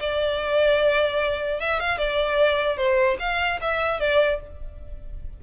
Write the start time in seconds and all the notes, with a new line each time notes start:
0.00 D5
1.60 E5
1.80 F5
1.98 D5
2.77 C5
3.19 F5
3.61 E5
4.00 D5